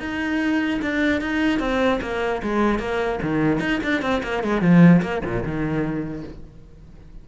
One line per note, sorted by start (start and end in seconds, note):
0.00 0.81 D#4
0.82 1.21 D4
1.21 1.60 D#4
1.60 2.00 C4
2.02 2.42 A#3
2.43 2.79 G#3
2.79 3.19 A#3
3.23 3.60 D#3
3.60 3.80 D#4
3.83 4.02 D4
4.02 4.22 C4
4.23 4.43 A#3
4.44 4.62 G#3
4.62 5.02 F3
5.02 5.23 A#3
5.25 5.43 A#2
5.43 6.24 D#3